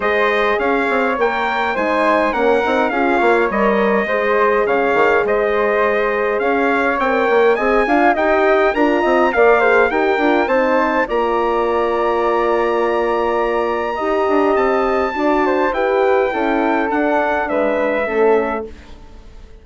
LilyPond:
<<
  \new Staff \with { instrumentName = "trumpet" } { \time 4/4 \tempo 4 = 103 dis''4 f''4 g''4 gis''4 | fis''4 f''4 dis''2 | f''4 dis''2 f''4 | g''4 gis''4 g''4 ais''4 |
f''4 g''4 a''4 ais''4~ | ais''1~ | ais''4 a''2 g''4~ | g''4 fis''4 e''2 | }
  \new Staff \with { instrumentName = "flute" } { \time 4/4 c''4 cis''2 c''4 | ais'4 gis'8 cis''4. c''4 | cis''4 c''2 cis''4~ | cis''4 dis''8 f''8 dis''4 ais'8 dis''8 |
d''8 c''8 ais'4 c''4 d''4~ | d''1 | dis''2 d''8 c''8 b'4 | a'2 b'4 a'4 | }
  \new Staff \with { instrumentName = "horn" } { \time 4/4 gis'2 ais'4 dis'4 | cis'8 dis'8 f'4 ais'4 gis'4~ | gis'1 | ais'4 gis'8 f'8 g'4 f'4 |
ais'8 gis'8 g'8 f'8 dis'4 f'4~ | f'1 | g'2 fis'4 g'4 | e'4 d'2 cis'4 | }
  \new Staff \with { instrumentName = "bassoon" } { \time 4/4 gis4 cis'8 c'8 ais4 gis4 | ais8 c'8 cis'8 ais8 g4 gis4 | cis8 dis8 gis2 cis'4 | c'8 ais8 c'8 d'8 dis'4 d'8 c'8 |
ais4 dis'8 d'8 c'4 ais4~ | ais1 | dis'8 d'8 c'4 d'4 e'4 | cis'4 d'4 gis4 a4 | }
>>